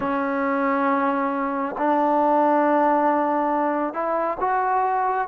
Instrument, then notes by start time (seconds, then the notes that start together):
trombone
0.00 C#4
1.78 D4
3.93 E4
4.40 F#4